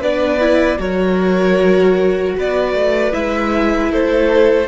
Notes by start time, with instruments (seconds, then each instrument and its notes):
0.00 cello B3, viola D4, violin B4 D5
0.39 viola E4
0.78 cello F#3, viola F#4, violin A#4 C#5
2.37 cello B3, violin B4 D5
2.74 cello A3
3.11 cello G#3, viola E4, violin E5
3.91 cello A3, violin A4 C5